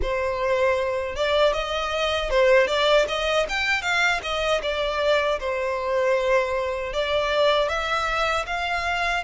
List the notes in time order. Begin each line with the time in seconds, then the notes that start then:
0.01 C5
1.15 D5
1.53 D#5
2.29 C5
2.67 D5
3.08 D#5
3.48 G5
3.81 F5
4.22 D#5
4.62 D5
5.39 C5
6.93 D5
7.69 E5
8.46 F5